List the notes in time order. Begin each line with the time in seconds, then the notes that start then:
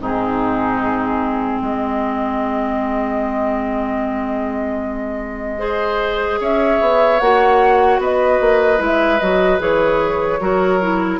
0.00 G#2 C4 D#4 G#4
1.61 G#3 G#4 D#5
5.58 G#4 C5
6.40 C#4 C#5 E5
6.80 B3
7.20 A#3 F#4 F#5
7.98 B3 B4 D#5
8.40 A#3
8.78 G#3 E4
8.85 E5
9.19 F#3 F#4 D#5
9.59 E3 G#4 C#5
10.40 F#3 F#4 A#4
10.81 E4